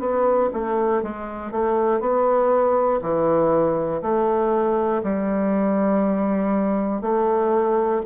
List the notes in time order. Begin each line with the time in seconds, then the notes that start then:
0.00 B3
0.54 A3
1.03 G#3
1.52 A3
2.01 B3
3.02 E3
4.03 A3
5.03 G3
7.02 A3